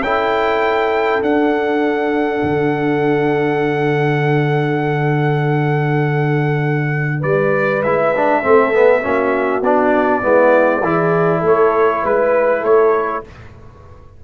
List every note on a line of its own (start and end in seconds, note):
0.00 1.20 C#4
0.00 1.22 E4
0.00 7.20 A4
0.00 1.23 G5
1.22 2.42 D4
1.22 7.82 D4
1.22 7.23 F#5
2.43 7.23 D3
7.20 7.82 G3
7.20 8.39 B4
7.20 7.83 D5
7.82 8.42 G#3
7.82 8.15 E4
7.82 9.63 E5
8.15 8.43 D4
8.43 9.04 A3
8.43 8.73 C4
8.43 9.03 A4
8.73 9.02 B3
9.02 9.61 A#3
9.02 9.62 C#4
9.02 10.22 F#4
9.61 10.21 B3
9.61 10.22 D4
9.61 11.44 D5
10.22 10.82 G#3
10.22 10.82 B3
10.22 10.82 E4
10.82 11.42 E3
10.82 13.24 E4
10.82 11.39 G#4
11.39 12.02 A3
11.39 11.99 A4
11.46 12.05 C#5
12.02 12.62 G#3
12.02 12.60 B4
12.02 12.64 B4
12.60 13.22 A3
12.60 13.20 A4
12.60 13.24 C#5